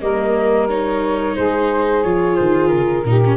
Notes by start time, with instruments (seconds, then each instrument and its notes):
0.00 tuba G3, viola A#3, saxophone A#4, flute D#5
0.68 viola D#4, flute C#5
1.35 tuba G#3, saxophone G#4, flute C5
2.02 tuba F3, viola F4, flute C#5
2.35 tuba D#3, flute C5
2.68 tuba C#3, flute A#4
3.04 tuba A#2, viola D#4, saxophone G4
3.25 viola C#4